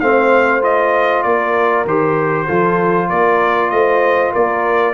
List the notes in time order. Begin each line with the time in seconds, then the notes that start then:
0.00 A3 C4 C5 F5
0.61 F4 D#5
1.23 A#3 A#4 D5
1.85 D#3 G4 C5
2.45 F3 F4 A4
3.09 A#3 A#4 D5
3.70 A3 C5 D#5
4.32 A#3 A#4 D5